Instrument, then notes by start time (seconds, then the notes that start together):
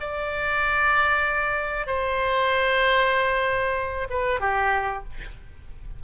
oboe
0.00 D5
1.86 C5
4.09 B4
4.40 G4